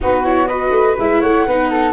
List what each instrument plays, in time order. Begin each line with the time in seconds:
0.00 tuba B3, viola D#4, flute F#4 B4
0.24 viola E4, flute C#5
0.47 viola F#4, flute B4 D#5
0.71 tuba A3
0.98 tuba G#3, viola E4, flute E5
1.20 tuba A3, flute C#5 F#5
1.46 tuba B3, viola D#4, flute B4
1.70 flute A4